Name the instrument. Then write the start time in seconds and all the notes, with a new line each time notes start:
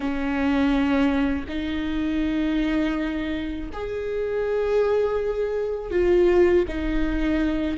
viola
0.00 C#4
1.48 D#4
3.72 G#4
5.91 F4
6.67 D#4